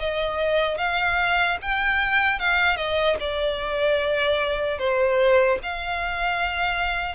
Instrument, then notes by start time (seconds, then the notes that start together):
violin
0.00 D#5
0.78 F5
1.62 G5
2.40 F5
2.77 D#5
3.21 D5
4.79 C5
5.63 F5